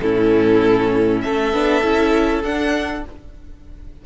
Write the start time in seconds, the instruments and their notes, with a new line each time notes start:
0.00 cello A2, viola C#4, violin E4 A4
1.21 cello A3, violin A4 E5
1.53 cello B3, viola D4
1.82 cello C#4, viola E4
2.43 cello D4, viola D4, violin F#5